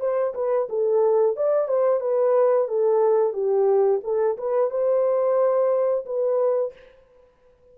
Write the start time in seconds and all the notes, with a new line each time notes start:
0.00 C5
0.34 B4
0.69 A4
1.36 D5
1.68 C5
2.00 B4
2.68 A4
3.33 G4
4.04 A4
4.38 B4
4.71 C5
6.06 B4